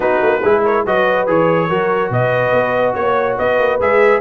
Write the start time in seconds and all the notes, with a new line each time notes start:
0.00 B3 D#4 F#4 B4
0.21 A#3
0.40 G#3 E4 G#4
0.64 A#4 C#5
0.85 F#3 F#4 B4 D#5
1.26 E3 G#4 C#5
1.68 F#3 F#4 A#4
2.10 B2 B4 D#5
2.52 B3
2.94 A#3 C#5
3.37 B3 B4 D#5
3.58 A#3
3.80 G#3 G#4 E5